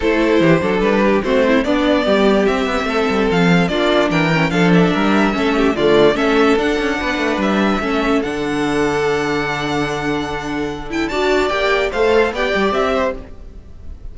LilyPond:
<<
  \new Staff \with { instrumentName = "violin" } { \time 4/4 \tempo 4 = 146 c''2 b'4 c''4 | d''2 e''2 | f''4 d''4 g''4 f''8 e''8~ | e''2 d''4 e''4 |
fis''2 e''2 | fis''1~ | fis''2~ fis''8 g''8 a''4 | g''4 f''4 g''4 e''4 | }
  \new Staff \with { instrumentName = "violin" } { \time 4/4 a'4 g'8 a'4 g'8 fis'8 e'8 | d'4 g'2 a'4~ | a'4 f'4 ais'4 a'4 | ais'4 a'8 g'8 f'4 a'4~ |
a'4 b'2 a'4~ | a'1~ | a'2. d''4~ | d''4 c''4 d''4. c''8 | }
  \new Staff \with { instrumentName = "viola" } { \time 4/4 e'4. d'4. c'4 | b2 c'2~ | c'4 d'4. cis'8 d'4~ | d'4 cis'4 a4 cis'4 |
d'2. cis'4 | d'1~ | d'2~ d'8 e'8 fis'4 | g'4 a'4 g'2 | }
  \new Staff \with { instrumentName = "cello" } { \time 4/4 a4 e8 fis8 g4 a4 | b4 g4 c'8 b8 a8 g8 | f4 ais4 e4 f4 | g4 a4 d4 a4 |
d'8 cis'8 b8 a8 g4 a4 | d1~ | d2. d'4 | ais4 a4 b8 g8 c'4 | }
>>